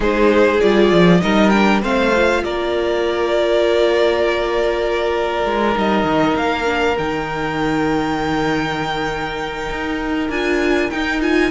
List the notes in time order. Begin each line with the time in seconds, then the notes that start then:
0.00 G#3 D#4 G#4 C5
0.60 G3 F4 D5
0.91 F3
1.20 G3 D#4 A#4 D#5
1.49 D4 G5
1.82 A3 C4 C5 F5
2.15 F4
2.43 A#3 A#4 D5
5.45 G#3
5.73 G3 D#4 D#5
6.04 D#3
6.36 A#3 F5
6.65 D4
6.98 D#3 D#4 G5
9.69 D#4
10.29 D4 F4 G#5
10.90 D#4 G5
11.21 F4 G#5